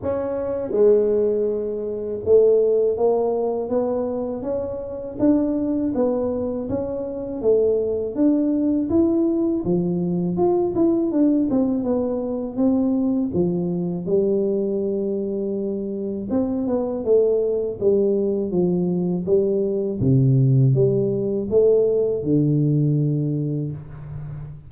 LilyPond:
\new Staff \with { instrumentName = "tuba" } { \time 4/4 \tempo 4 = 81 cis'4 gis2 a4 | ais4 b4 cis'4 d'4 | b4 cis'4 a4 d'4 | e'4 f4 f'8 e'8 d'8 c'8 |
b4 c'4 f4 g4~ | g2 c'8 b8 a4 | g4 f4 g4 c4 | g4 a4 d2 | }